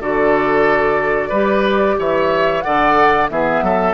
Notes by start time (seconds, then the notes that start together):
0.00 D3 F#4 A4 D5
1.29 G3 G4 B4
1.98 E3 C#5 E5
2.61 D3 A4 D5 F#5
3.29 E3 B3 G#4 E5
3.62 F#3 A4